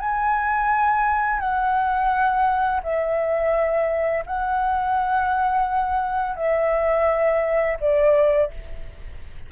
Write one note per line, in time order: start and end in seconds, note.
0.00 1.40 G#5
1.40 2.81 F#5
2.84 4.25 E5
4.26 6.37 F#5
6.37 7.78 E5
7.81 8.51 D5